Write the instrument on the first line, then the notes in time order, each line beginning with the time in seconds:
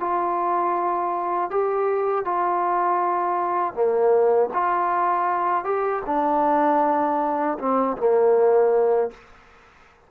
trombone
0.00 F4
1.51 G4
2.25 F4
3.74 A#3
4.54 F4
5.65 G4
6.07 D4
7.59 C4
7.97 A#3